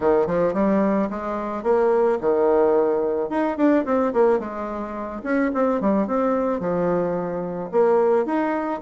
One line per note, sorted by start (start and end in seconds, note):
0.00 0.27 D#3
0.27 0.53 F3
0.53 1.08 G3
1.10 1.63 G#3
1.63 2.18 A#3
2.20 3.29 D#3
3.29 3.57 D#4
3.57 3.85 D4
3.85 4.13 C4
4.13 4.39 A#3
4.39 5.21 G#3
5.23 5.51 C#4
5.53 5.80 C4
5.80 6.07 G3
6.07 6.60 C4
6.60 7.70 F3
7.71 8.25 A#3
8.25 8.80 D#4